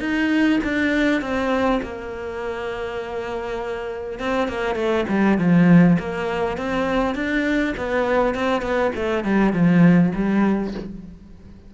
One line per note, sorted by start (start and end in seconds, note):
0.00 0.59 D#4
0.63 1.21 D4
1.21 1.81 C4
1.83 4.19 A#3
4.19 4.48 C4
4.48 4.75 A#3
4.75 5.05 A3
5.08 5.38 G3
5.38 5.97 F3
5.99 6.58 A#3
6.58 7.15 C4
7.15 7.74 D4
7.77 8.35 B3
8.35 8.61 C4
8.61 8.91 B3
8.95 9.24 A3
9.24 9.53 G3
9.53 10.12 F3
10.15 10.74 G3